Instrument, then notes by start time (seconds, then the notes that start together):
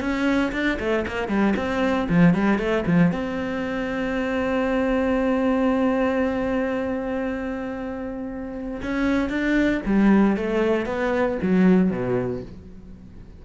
cello
0.00 C#4
0.52 D4
0.79 A3
1.07 A#3
1.28 G3
1.56 C4
2.09 F3
2.34 G3
2.58 A3
2.86 F3
3.12 C4
8.82 C#4
9.29 D4
9.86 G3
10.36 A3
10.86 B3
11.42 F#3
11.90 B2